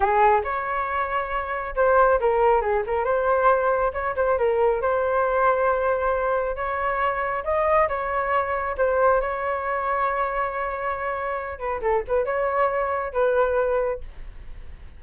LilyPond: \new Staff \with { instrumentName = "flute" } { \time 4/4 \tempo 4 = 137 gis'4 cis''2. | c''4 ais'4 gis'8 ais'8 c''4~ | c''4 cis''8 c''8 ais'4 c''4~ | c''2. cis''4~ |
cis''4 dis''4 cis''2 | c''4 cis''2.~ | cis''2~ cis''8 b'8 a'8 b'8 | cis''2 b'2 | }